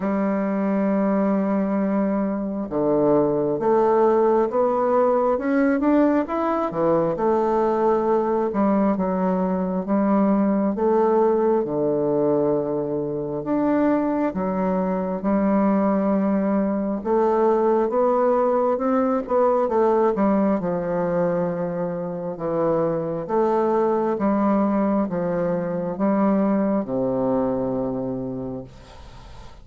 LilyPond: \new Staff \with { instrumentName = "bassoon" } { \time 4/4 \tempo 4 = 67 g2. d4 | a4 b4 cis'8 d'8 e'8 e8 | a4. g8 fis4 g4 | a4 d2 d'4 |
fis4 g2 a4 | b4 c'8 b8 a8 g8 f4~ | f4 e4 a4 g4 | f4 g4 c2 | }